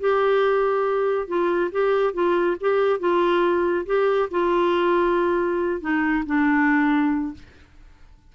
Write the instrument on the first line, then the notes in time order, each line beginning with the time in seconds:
clarinet
0.00 G4
1.27 F4
1.71 G4
2.14 F4
2.60 G4
2.99 F4
3.86 G4
4.31 F4
5.81 D#4
6.26 D4